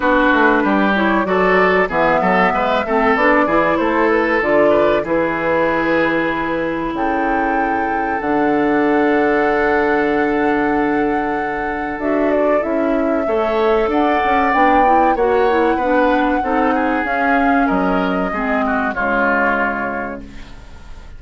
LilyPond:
<<
  \new Staff \with { instrumentName = "flute" } { \time 4/4 \tempo 4 = 95 b'4. cis''8 d''4 e''4~ | e''4 d''4 c''8 b'8 d''4 | b'2. g''4~ | g''4 fis''2.~ |
fis''2. e''8 d''8 | e''2 fis''4 g''4 | fis''2. f''4 | dis''2 cis''2 | }
  \new Staff \with { instrumentName = "oboe" } { \time 4/4 fis'4 g'4 a'4 gis'8 a'8 | b'8 a'4 gis'8 a'4. b'8 | gis'2. a'4~ | a'1~ |
a'1~ | a'4 cis''4 d''2 | cis''4 b'4 a'8 gis'4. | ais'4 gis'8 fis'8 f'2 | }
  \new Staff \with { instrumentName = "clarinet" } { \time 4/4 d'4. e'8 fis'4 b4~ | b8 c'8 d'8 e'4. f'4 | e'1~ | e'4 d'2.~ |
d'2. fis'4 | e'4 a'2 d'8 e'8 | fis'8 e'8 d'4 dis'4 cis'4~ | cis'4 c'4 gis2 | }
  \new Staff \with { instrumentName = "bassoon" } { \time 4/4 b8 a8 g4 fis4 e8 fis8 | gis8 a8 b8 e8 a4 d4 | e2. cis4~ | cis4 d2.~ |
d2. d'4 | cis'4 a4 d'8 cis'8 b4 | ais4 b4 c'4 cis'4 | fis4 gis4 cis2 | }
>>